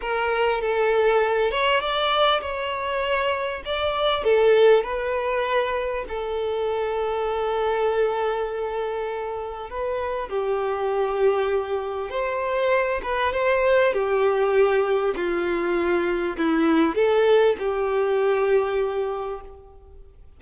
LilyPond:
\new Staff \with { instrumentName = "violin" } { \time 4/4 \tempo 4 = 99 ais'4 a'4. cis''8 d''4 | cis''2 d''4 a'4 | b'2 a'2~ | a'1 |
b'4 g'2. | c''4. b'8 c''4 g'4~ | g'4 f'2 e'4 | a'4 g'2. | }